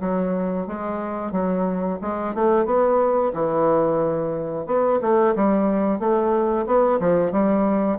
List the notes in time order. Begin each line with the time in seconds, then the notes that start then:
0.00 F#3
0.67 G#3
1.32 F#3
2.01 G#3
2.34 A3
2.65 B3
3.33 E3
4.66 B3
5.01 A3
5.35 G3
5.99 A3
6.65 B3
6.99 F3
7.31 G3